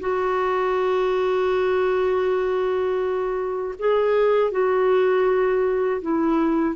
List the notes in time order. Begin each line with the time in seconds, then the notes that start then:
0.00 F#4
3.79 G#4
4.51 F#4
6.02 E4